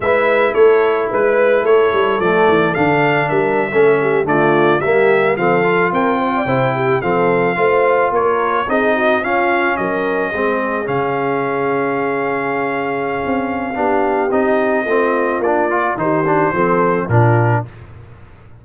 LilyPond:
<<
  \new Staff \with { instrumentName = "trumpet" } { \time 4/4 \tempo 4 = 109 e''4 cis''4 b'4 cis''4 | d''4 f''4 e''4.~ e''16 d''16~ | d''8. e''4 f''4 g''4~ g''16~ | g''8. f''2 cis''4 dis''16~ |
dis''8. f''4 dis''2 f''16~ | f''1~ | f''2 dis''2 | d''4 c''2 ais'4 | }
  \new Staff \with { instrumentName = "horn" } { \time 4/4 b'4 a'4 b'4 a'4~ | a'2 ais'8. a'8 g'8 f'16~ | f'8. g'4 a'4 ais'8 c''16 d''16 c''16~ | c''16 g'8 a'4 c''4 ais'4 gis'16~ |
gis'16 fis'8 f'4 ais'4 gis'4~ gis'16~ | gis'1~ | gis'4 g'2 f'4~ | f'4 g'4 a'4 f'4 | }
  \new Staff \with { instrumentName = "trombone" } { \time 4/4 e'1 | a4 d'4.~ d'16 cis'4 a16~ | a8. ais4 c'8 f'4. e'16~ | e'8. c'4 f'2 dis'16~ |
dis'8. cis'2 c'4 cis'16~ | cis'1~ | cis'4 d'4 dis'4 c'4 | d'8 f'8 dis'8 d'8 c'4 d'4 | }
  \new Staff \with { instrumentName = "tuba" } { \time 4/4 gis4 a4 gis4 a8 g8 | f8 e8 d4 g8. a4 d16~ | d8. g4 f4 c'4 c16~ | c8. f4 a4 ais4 c'16~ |
c'8. cis'4 fis4 gis4 cis16~ | cis1 | c'4 b4 c'4 a4 | ais4 dis4 f4 ais,4 | }
>>